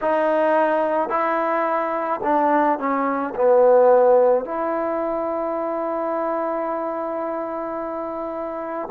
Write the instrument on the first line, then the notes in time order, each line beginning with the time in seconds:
trombone
0.01 D#4
1.09 E4
2.23 D4
2.78 C#4
3.35 B3
4.44 E4